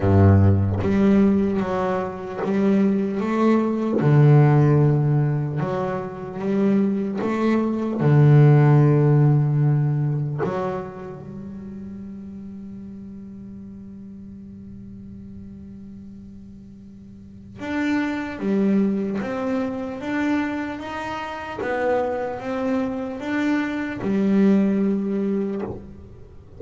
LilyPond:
\new Staff \with { instrumentName = "double bass" } { \time 4/4 \tempo 4 = 75 g,4 g4 fis4 g4 | a4 d2 fis4 | g4 a4 d2~ | d4 fis4 g2~ |
g1~ | g2 d'4 g4 | c'4 d'4 dis'4 b4 | c'4 d'4 g2 | }